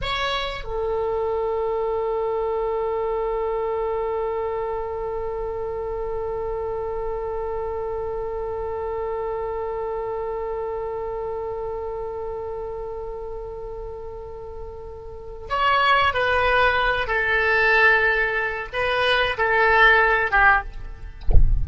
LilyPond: \new Staff \with { instrumentName = "oboe" } { \time 4/4 \tempo 4 = 93 cis''4 a'2.~ | a'1~ | a'1~ | a'1~ |
a'1~ | a'1 | cis''4 b'4. a'4.~ | a'4 b'4 a'4. g'8 | }